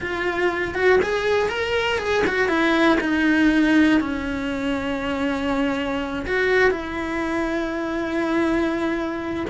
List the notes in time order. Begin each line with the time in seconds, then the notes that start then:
0.00 F4
0.74 F#4
1.02 G#4
1.49 A#4
1.98 G#4
2.26 F#4
2.48 E4
3.00 D#4
4.00 C#4
6.26 F#4
6.70 E4